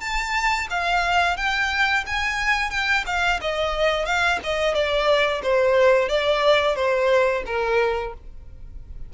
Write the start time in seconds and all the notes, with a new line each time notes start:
0.00 A5
0.70 F5
1.37 G5
2.06 G#5
2.70 G5
3.06 F5
3.41 D#5
4.05 F5
4.43 D#5
4.74 D5
5.43 C5
6.09 D5
6.75 C5
7.46 A#4